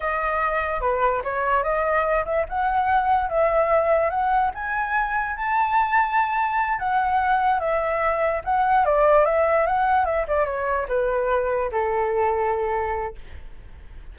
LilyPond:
\new Staff \with { instrumentName = "flute" } { \time 4/4 \tempo 4 = 146 dis''2 b'4 cis''4 | dis''4. e''8 fis''2 | e''2 fis''4 gis''4~ | gis''4 a''2.~ |
a''8 fis''2 e''4.~ | e''8 fis''4 d''4 e''4 fis''8~ | fis''8 e''8 d''8 cis''4 b'4.~ | b'8 a'2.~ a'8 | }